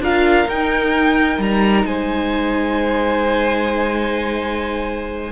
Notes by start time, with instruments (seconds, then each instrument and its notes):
0.00 cello D4, viola F4, violin A#4 F5
0.49 cello D#4, viola D#4, violin G5
1.38 cello G3, violin A#5
1.85 cello G#3, violin C5 G#5